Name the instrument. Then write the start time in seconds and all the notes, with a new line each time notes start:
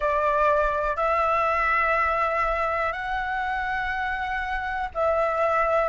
flute
0.00 D5
0.96 E5
2.92 F#5
4.94 E5